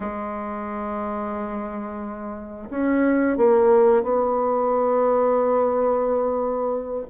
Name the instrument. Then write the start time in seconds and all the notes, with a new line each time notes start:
bassoon
0.00 G#3
2.70 C#4
3.37 A#3
4.03 B3